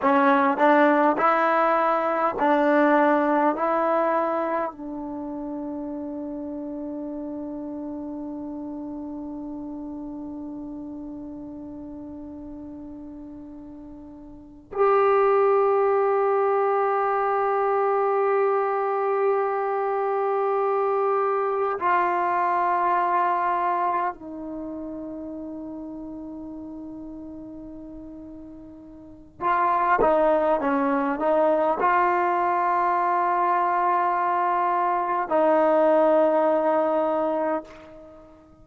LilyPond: \new Staff \with { instrumentName = "trombone" } { \time 4/4 \tempo 4 = 51 cis'8 d'8 e'4 d'4 e'4 | d'1~ | d'1~ | d'8 g'2.~ g'8~ |
g'2~ g'8 f'4.~ | f'8 dis'2.~ dis'8~ | dis'4 f'8 dis'8 cis'8 dis'8 f'4~ | f'2 dis'2 | }